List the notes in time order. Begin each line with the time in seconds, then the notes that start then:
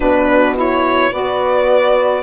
0.00 B2 D4 F#4 B4
0.55 E4 C#5
1.11 B3 F#4 B4 D5